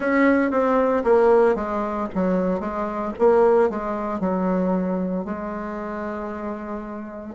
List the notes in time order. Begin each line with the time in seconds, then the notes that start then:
0.00 C#4
0.50 C4
1.04 A#3
1.55 G#3
2.14 F#3
2.60 G#3
3.19 A#3
3.69 G#3
4.20 F#3
5.24 G#3